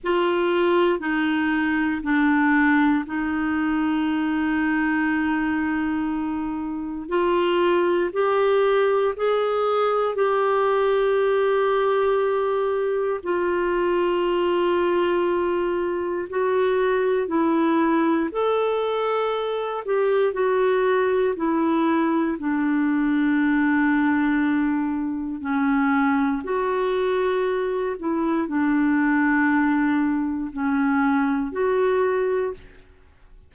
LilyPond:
\new Staff \with { instrumentName = "clarinet" } { \time 4/4 \tempo 4 = 59 f'4 dis'4 d'4 dis'4~ | dis'2. f'4 | g'4 gis'4 g'2~ | g'4 f'2. |
fis'4 e'4 a'4. g'8 | fis'4 e'4 d'2~ | d'4 cis'4 fis'4. e'8 | d'2 cis'4 fis'4 | }